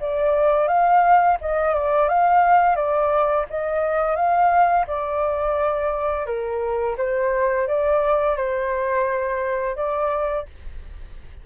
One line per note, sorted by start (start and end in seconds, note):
0.00 0.67 D5
0.67 1.37 F5
1.40 1.74 D#5
1.74 2.08 D5
2.08 2.75 F5
2.75 3.45 D5
3.49 4.15 D#5
4.15 4.85 F5
4.86 6.26 D5
6.26 6.96 A#4
6.97 7.67 C5
7.67 8.36 D5
8.36 9.75 C5
9.75 10.45 D5